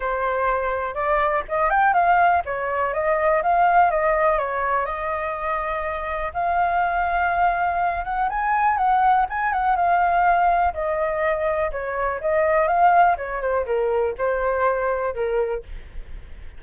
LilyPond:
\new Staff \with { instrumentName = "flute" } { \time 4/4 \tempo 4 = 123 c''2 d''4 dis''8 g''8 | f''4 cis''4 dis''4 f''4 | dis''4 cis''4 dis''2~ | dis''4 f''2.~ |
f''8 fis''8 gis''4 fis''4 gis''8 fis''8 | f''2 dis''2 | cis''4 dis''4 f''4 cis''8 c''8 | ais'4 c''2 ais'4 | }